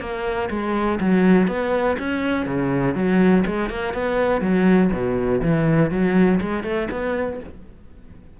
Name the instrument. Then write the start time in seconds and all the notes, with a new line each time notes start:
cello
0.00 A#3
0.50 G#3
1.00 F#3
1.48 B3
1.99 C#4
2.46 C#3
2.95 F#3
3.46 G#3
3.70 A#3
3.94 B3
4.41 F#3
4.92 B2
5.42 E3
5.91 F#3
6.41 G#3
6.64 A3
6.91 B3